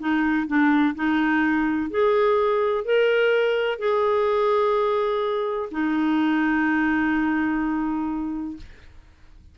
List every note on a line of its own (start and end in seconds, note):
0.00 0.48 D#4
0.48 0.95 D4
0.96 1.91 D#4
1.91 2.85 G#4
2.85 3.79 A#4
3.79 5.70 G#4
5.72 8.57 D#4